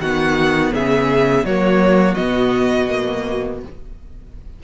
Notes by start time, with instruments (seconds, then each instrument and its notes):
0.00 cello D#3, viola B3, violin F#4 F#5
0.74 cello C#3, violin G#4 E5
1.44 cello F#3, viola A#3, violin F#4 C#5
2.14 cello B2, viola B3, violin D#5
2.89 viola A#3